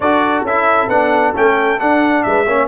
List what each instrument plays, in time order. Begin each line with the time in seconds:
0.00 tuba D4, trombone F#4, horn A4, trumpet D5
0.43 tuba C#4, trombone E4, trumpet E5
0.88 tuba B3, trombone D4, trumpet F#5
1.34 tuba A3, trombone C#4, trumpet G5
1.79 trombone D4, tuba D4, trumpet F#5
2.23 tuba G#3, horn B4, trumpet E5
2.46 tuba A#3, trombone C#4, horn C#5